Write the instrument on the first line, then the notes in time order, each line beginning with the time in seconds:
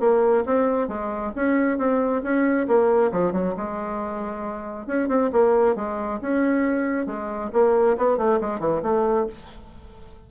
bassoon
0.00 A#3
0.45 C4
0.88 G#3
1.36 C#4
1.78 C4
2.23 C#4
2.67 A#3
3.12 F3
3.32 F#3
3.57 G#3
4.87 C#4
5.08 C4
5.32 A#3
5.76 G#3
6.21 C#4
7.06 G#3
7.53 A#3
7.98 B3
8.18 A3
8.41 G#3
8.59 E3
8.83 A3